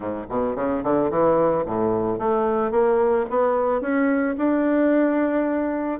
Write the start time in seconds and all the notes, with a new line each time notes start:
0.00 A2
0.29 B2
0.55 C#3
0.83 D3
1.10 E3
1.65 A2
2.18 A3
2.71 A#3
3.30 B3
3.81 C#4
4.37 D4